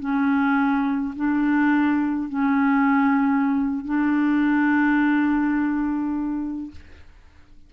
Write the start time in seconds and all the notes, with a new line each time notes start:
0.00 C#4
1.16 D4
2.29 C#4
3.85 D4